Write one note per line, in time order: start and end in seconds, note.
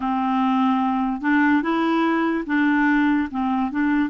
0.00 1.21 C4
1.21 1.62 D4
1.62 2.44 E4
2.46 3.28 D4
3.30 3.71 C4
3.71 4.09 D4